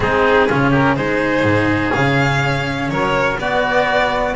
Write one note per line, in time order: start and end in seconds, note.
0.00 0.48 G#3
0.00 0.48 C4
0.00 0.48 D#4
0.00 0.72 G#4
0.48 0.97 C#3
0.48 0.96 C#4
0.48 0.70 F4
0.70 0.94 G4
0.70 0.96 A#4
0.96 1.43 G#3
0.96 1.92 D#4
0.96 2.91 G#4
0.96 1.93 C5
1.43 1.91 G#2
1.92 2.90 C#3
1.92 3.37 C#4
1.92 2.89 F5
2.89 3.38 F#3
2.89 3.40 A#4
2.89 3.37 C#5
3.38 4.35 B3
3.38 4.36 F#4
3.38 4.36 D5